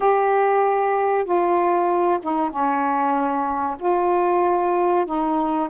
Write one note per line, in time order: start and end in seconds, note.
0.00 1.24 G4
1.24 2.19 F4
2.22 2.50 D#4
2.50 3.76 C#4
3.79 5.05 F4
5.05 5.68 D#4